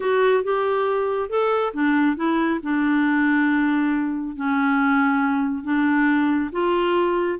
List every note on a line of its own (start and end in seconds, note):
0.00 0.43 F#4
0.43 1.29 G4
1.29 1.73 A4
1.73 2.16 D4
2.16 2.59 E4
2.62 4.36 D4
4.36 5.63 C#4
5.63 6.50 D4
6.52 7.39 F4